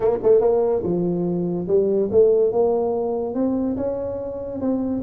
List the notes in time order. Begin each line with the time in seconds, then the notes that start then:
0.00 A#3
0.22 A3
0.40 A#3
0.83 F3
1.67 G3
2.11 A3
2.52 A#3
3.34 C4
3.76 C#4
4.60 C4